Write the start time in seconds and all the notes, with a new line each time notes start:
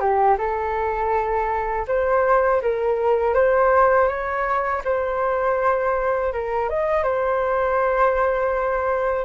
0.00 G4
0.38 A4
1.88 C5
2.62 A#4
3.34 C5
4.08 C#5
4.85 C5
6.33 A#4
6.69 D#5
7.03 C5